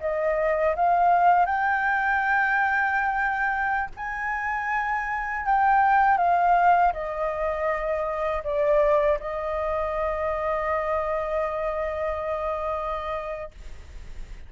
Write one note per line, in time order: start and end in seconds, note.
0.00 0.75 D#5
0.75 1.46 F5
1.46 3.89 G5
3.96 5.45 G#5
5.45 6.17 G5
6.17 6.92 F5
6.92 8.42 D#5
8.43 9.18 D5
9.19 13.51 D#5